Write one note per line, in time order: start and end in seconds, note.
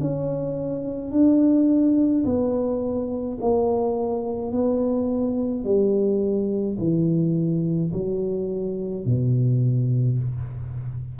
0.00 1.11 C#4
1.11 2.24 D4
2.25 3.38 B3
3.41 4.52 A#3
4.52 5.64 B3
5.64 6.77 G3
6.78 7.91 E3
7.93 9.05 F#3
9.05 10.18 B2